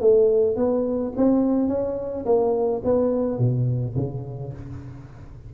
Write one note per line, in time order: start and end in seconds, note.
0.00 0.56 A3
0.56 1.12 B3
1.16 1.68 C4
1.68 2.24 C#4
2.25 2.82 A#3
2.84 3.38 B3
3.38 3.95 B2
3.96 4.52 C#3